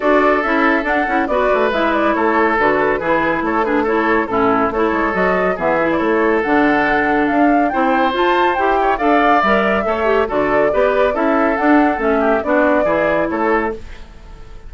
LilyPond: <<
  \new Staff \with { instrumentName = "flute" } { \time 4/4 \tempo 4 = 140 d''4 e''4 fis''4 d''4 | e''8 d''8 cis''4 b'2 | cis''8 b'8 cis''4 a'4 cis''4 | dis''4 e''8. d''16 cis''4 fis''4~ |
fis''4 f''4 g''4 a''4 | g''4 f''4 e''2 | d''2 e''4 fis''4 | e''4 d''2 cis''4 | }
  \new Staff \with { instrumentName = "oboe" } { \time 4/4 a'2. b'4~ | b'4 a'2 gis'4 | a'8 gis'8 a'4 e'4 a'4~ | a'4 gis'4 a'2~ |
a'2 c''2~ | c''8 cis''8 d''2 cis''4 | a'4 b'4 a'2~ | a'8 g'8 fis'4 gis'4 a'4 | }
  \new Staff \with { instrumentName = "clarinet" } { \time 4/4 fis'4 e'4 d'8 e'8 fis'4 | e'2 fis'4 e'4~ | e'8 d'8 e'4 cis'4 e'4 | fis'4 b8 e'4. d'4~ |
d'2 e'4 f'4 | g'4 a'4 ais'4 a'8 g'8 | fis'4 g'4 e'4 d'4 | cis'4 d'4 e'2 | }
  \new Staff \with { instrumentName = "bassoon" } { \time 4/4 d'4 cis'4 d'8 cis'8 b8 a8 | gis4 a4 d4 e4 | a2 a,4 a8 gis8 | fis4 e4 a4 d4~ |
d4 d'4 c'4 f'4 | e'4 d'4 g4 a4 | d4 b4 cis'4 d'4 | a4 b4 e4 a4 | }
>>